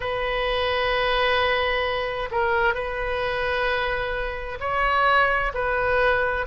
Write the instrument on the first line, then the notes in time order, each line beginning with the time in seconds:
oboe
0.00 B4
2.31 A#4
2.74 B4
4.59 C#5
5.53 B4